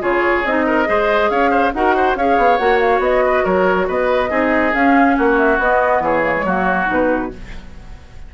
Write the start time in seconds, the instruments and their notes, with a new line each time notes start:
0.00 bassoon C#3, clarinet F4, oboe G#4, flute C#5
0.44 bassoon C4, clarinet D#4, flute D#5
0.66 oboe A#4
0.85 bassoon G#3, clarinet G#4, oboe C5
1.30 bassoon C#4, oboe C#5, flute F5
1.50 oboe C5
1.73 bassoon D#4, clarinet F#4, oboe A#4, flute F#5
1.95 oboe C5
2.15 bassoon C#4, clarinet G#4, oboe C#5, flute F5
2.37 bassoon B3
2.57 bassoon A#3, clarinet F#4, flute F#5
2.79 flute F5
2.99 bassoon B3, flute D#5
3.25 oboe B4
3.43 bassoon F#3, oboe A#4, flute C#5
3.87 bassoon B3, oboe B4, flute D#5
4.29 bassoon C4, clarinet D#4, oboe G#4
4.73 clarinet C#4, bassoon C#4, flute F5
5.17 bassoon A#3, oboe F#4, flute F#5
5.37 flute E5
5.58 bassoon B3, clarinet B3, flute D#5
5.99 bassoon E3, oboe G#4, flute C#5
6.22 clarinet A#3
6.36 clarinet G#3
6.45 bassoon F#3, clarinet A#3, oboe F#4
6.85 bassoon B2, clarinet D#4, flute B4